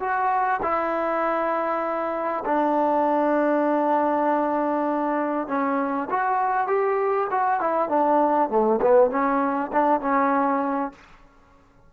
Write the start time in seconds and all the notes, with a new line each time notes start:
0.00 F#4
0.62 E4
2.45 D4
5.48 C#4
6.10 F#4
6.67 G4
7.31 F#4
7.60 E4
7.89 D4
8.50 A3
8.82 B3
9.10 C#4
9.73 D4
10.01 C#4